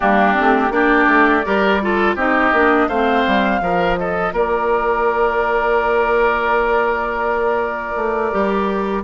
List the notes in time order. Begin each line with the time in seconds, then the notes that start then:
0.00 G3 A#3 D4 G4
0.34 A3 C4
0.70 A#3 D4 G4 D5
1.07 A3
1.45 G3 G4 A#4
1.81 F4 A4
2.15 C4 D#4 G4 D#5
2.53 A#3 D4
2.87 A3 C4 C5 F5
3.27 G3
3.60 F3 F4 A#4
3.97 A4 D#5
4.32 A#3 A#4 D5
7.95 A3
8.31 G3 G4